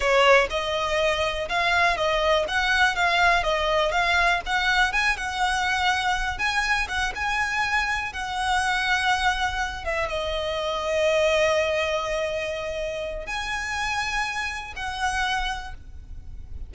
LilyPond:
\new Staff \with { instrumentName = "violin" } { \time 4/4 \tempo 4 = 122 cis''4 dis''2 f''4 | dis''4 fis''4 f''4 dis''4 | f''4 fis''4 gis''8 fis''4.~ | fis''4 gis''4 fis''8 gis''4.~ |
gis''8 fis''2.~ fis''8 | e''8 dis''2.~ dis''8~ | dis''2. gis''4~ | gis''2 fis''2 | }